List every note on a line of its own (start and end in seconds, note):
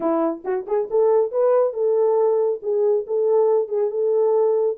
0.00 0.43 E4
0.44 0.66 F#4
0.67 0.88 G#4
0.90 1.31 A4
1.31 1.73 B4
1.73 2.60 A4
2.62 3.06 G#4
3.06 3.68 A4
3.68 3.90 G#4
3.90 4.77 A4